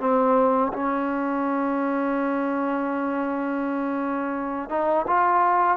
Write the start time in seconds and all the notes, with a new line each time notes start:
0.00 C4
0.73 C#4
4.70 D#4
5.07 F4